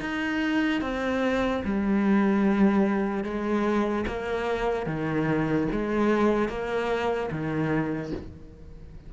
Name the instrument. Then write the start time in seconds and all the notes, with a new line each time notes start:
cello
0.00 D#4
0.81 C4
1.64 G3
3.23 G#3
4.07 A#3
4.86 D#3
5.71 G#3
6.48 A#3
7.31 D#3